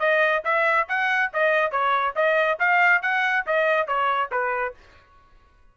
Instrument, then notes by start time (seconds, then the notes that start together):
trumpet
0.00 D#5
0.45 E5
0.89 F#5
1.34 D#5
1.72 C#5
2.16 D#5
2.60 F5
3.02 F#5
3.47 D#5
3.88 C#5
4.32 B4